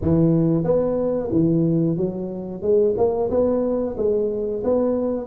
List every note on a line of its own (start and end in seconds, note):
0.01 0.64 E3
0.64 1.30 B3
1.31 1.96 E3
1.96 2.61 F#3
2.61 2.94 G#3
2.97 3.30 A#3
3.30 3.96 B3
3.97 4.63 G#3
4.64 5.26 B3